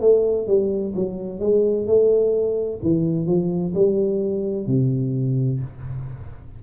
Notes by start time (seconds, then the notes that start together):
0.00 A3
0.47 G3
0.95 F#3
1.39 G#3
1.86 A3
2.82 E3
3.26 F3
3.74 G3
4.66 C3